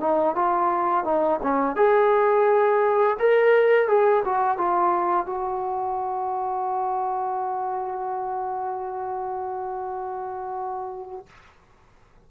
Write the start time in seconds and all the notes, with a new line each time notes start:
0.00 D#4
0.36 F4
1.05 D#4
1.42 C#4
1.76 G#4
3.20 A#4
3.88 G#4
4.25 F#4
4.58 F4
5.27 F#4